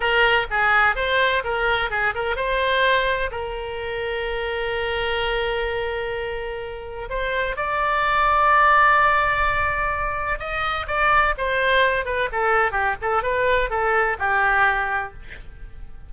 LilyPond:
\new Staff \with { instrumentName = "oboe" } { \time 4/4 \tempo 4 = 127 ais'4 gis'4 c''4 ais'4 | gis'8 ais'8 c''2 ais'4~ | ais'1~ | ais'2. c''4 |
d''1~ | d''2 dis''4 d''4 | c''4. b'8 a'4 g'8 a'8 | b'4 a'4 g'2 | }